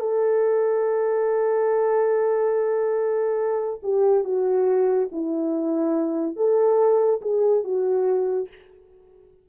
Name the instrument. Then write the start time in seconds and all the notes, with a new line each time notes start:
horn
0.00 A4
3.83 G4
4.24 F#4
5.12 E4
6.36 A4
7.22 G#4
7.64 F#4